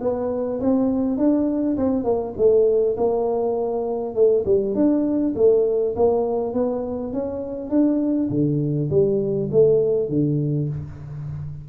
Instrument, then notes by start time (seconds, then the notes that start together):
tuba
0.00 B3
0.60 C4
1.17 D4
1.77 C4
2.03 A#3
2.37 A3
2.96 A#3
4.14 A3
4.45 G3
4.74 D4
5.35 A3
5.95 A#3
6.53 B3
7.13 C#4
7.69 D4
8.30 D3
8.89 G3
9.51 A3
10.09 D3